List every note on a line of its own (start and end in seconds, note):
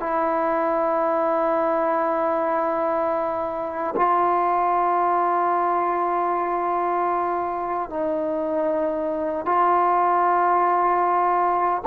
0.00 3.95 E4
3.96 7.90 F4
7.90 9.46 D#4
9.46 11.82 F4